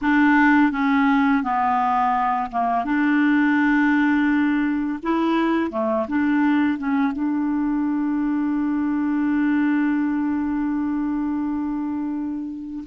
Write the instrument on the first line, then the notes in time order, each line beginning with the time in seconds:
clarinet
0.01 D4
0.71 C#4
1.43 B3
2.51 A#3
2.84 D4
5.02 E4
5.70 A3
6.07 D4
6.78 C#4
7.12 D4